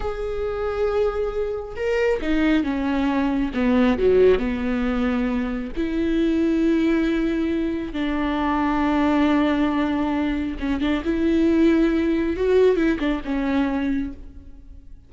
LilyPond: \new Staff \with { instrumentName = "viola" } { \time 4/4 \tempo 4 = 136 gis'1 | ais'4 dis'4 cis'2 | b4 fis4 b2~ | b4 e'2.~ |
e'2 d'2~ | d'1 | cis'8 d'8 e'2. | fis'4 e'8 d'8 cis'2 | }